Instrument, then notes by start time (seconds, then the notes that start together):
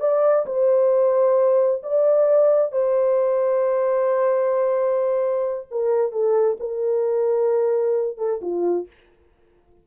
horn
0.00 D5
0.46 C5
1.83 D5
2.72 C5
5.71 A#4
6.12 A4
6.60 A#4
8.18 A4
8.42 F4